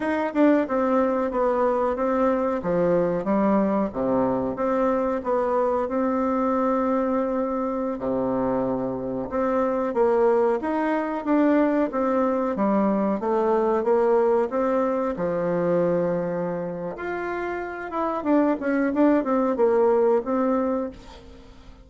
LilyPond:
\new Staff \with { instrumentName = "bassoon" } { \time 4/4 \tempo 4 = 92 dis'8 d'8 c'4 b4 c'4 | f4 g4 c4 c'4 | b4 c'2.~ | c'16 c2 c'4 ais8.~ |
ais16 dis'4 d'4 c'4 g8.~ | g16 a4 ais4 c'4 f8.~ | f2 f'4. e'8 | d'8 cis'8 d'8 c'8 ais4 c'4 | }